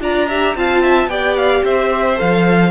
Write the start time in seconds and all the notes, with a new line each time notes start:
0.00 D4 F4 D5 A#5
0.28 G4 E5
0.55 C4 F4 F5 A5
0.82 E5
1.07 B3 G4 D5 G5
1.37 F5
1.64 C4 C5 E5
2.16 F3 A4 F5